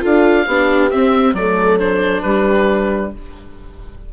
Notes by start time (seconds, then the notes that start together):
0.00 D4 F4 A4 F5
0.46 B3 D4 G4
0.90 C4 E5
1.33 F#3 A3 A4 D5
1.79 D4 C5
2.22 G3 G4 B4